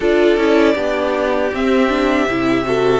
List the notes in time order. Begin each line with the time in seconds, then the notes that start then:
0.00 D4 F4 A4 D5
0.36 C#4 E4
0.74 B3 D4 G4
1.53 C4 E5
1.89 D4
2.26 C3 E4
2.64 F#4 A4